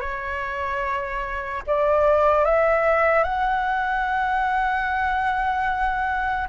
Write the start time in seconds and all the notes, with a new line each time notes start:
0.00 C#5
1.67 D5
2.45 E5
3.24 F#5